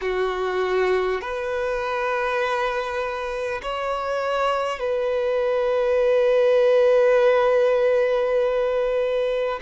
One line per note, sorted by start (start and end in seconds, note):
0.01 1.21 F#4
1.21 3.61 B4
3.62 4.79 C#5
4.79 9.59 B4